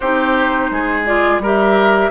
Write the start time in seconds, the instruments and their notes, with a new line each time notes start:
0.00 bassoon C4, clarinet D#4, oboe G4, flute C5
0.70 bassoon G#3, oboe G#4
1.05 clarinet F4, flute D5
1.38 bassoon G3, clarinet G4, oboe A#4
1.45 flute E5